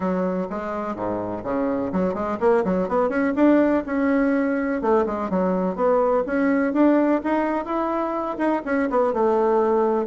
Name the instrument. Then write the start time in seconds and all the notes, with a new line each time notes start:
bassoon
0.00 F#3
0.50 G#3
0.95 G#2
1.44 C#3
1.92 F#3
2.14 G#3
2.40 A#3
2.64 F#3
2.88 B3
3.09 C#4
3.35 D4
3.86 C#4
4.81 A3
5.06 G#3
5.30 F#3
5.75 B3
6.26 C#4
6.73 D4
7.23 D#4
7.65 E4
8.38 D#4
8.65 C#4
8.90 B3
9.13 A3